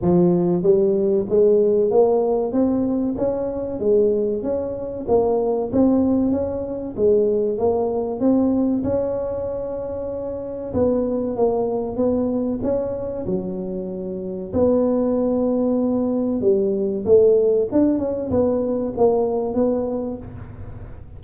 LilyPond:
\new Staff \with { instrumentName = "tuba" } { \time 4/4 \tempo 4 = 95 f4 g4 gis4 ais4 | c'4 cis'4 gis4 cis'4 | ais4 c'4 cis'4 gis4 | ais4 c'4 cis'2~ |
cis'4 b4 ais4 b4 | cis'4 fis2 b4~ | b2 g4 a4 | d'8 cis'8 b4 ais4 b4 | }